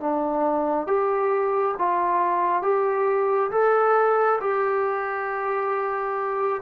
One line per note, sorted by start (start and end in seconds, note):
0.00 0.87 D4
0.87 1.75 G4
1.78 2.62 F4
2.62 3.51 G4
3.51 4.39 A4
4.41 6.61 G4